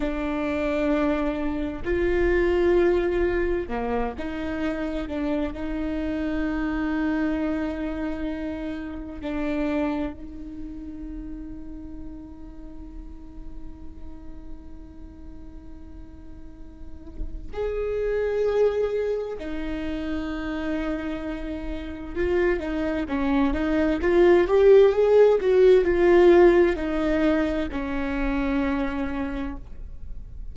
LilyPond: \new Staff \with { instrumentName = "viola" } { \time 4/4 \tempo 4 = 65 d'2 f'2 | ais8 dis'4 d'8 dis'2~ | dis'2 d'4 dis'4~ | dis'1~ |
dis'2. gis'4~ | gis'4 dis'2. | f'8 dis'8 cis'8 dis'8 f'8 g'8 gis'8 fis'8 | f'4 dis'4 cis'2 | }